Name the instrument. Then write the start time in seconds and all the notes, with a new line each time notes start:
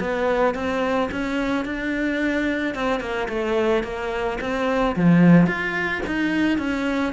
cello
0.00 B3
0.54 C4
1.11 C#4
1.65 D4
2.74 C4
3.00 A#3
3.28 A3
3.83 A#3
4.40 C4
4.95 F3
5.46 F4
6.06 D#4
6.58 C#4